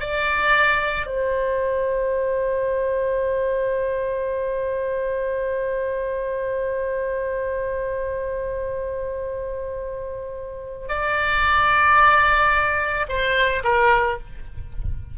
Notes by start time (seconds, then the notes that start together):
0.00 D5
1.07 C5
10.89 D5
13.09 C5
13.64 A#4